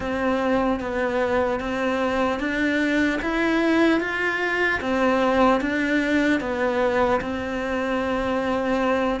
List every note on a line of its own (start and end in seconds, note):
0.00 0.80 C4
0.80 1.60 B3
1.60 2.39 C4
2.39 3.19 D4
3.21 4.00 E4
4.00 4.80 F4
4.80 5.60 C4
5.60 6.40 D4
6.40 7.20 B3
7.20 9.20 C4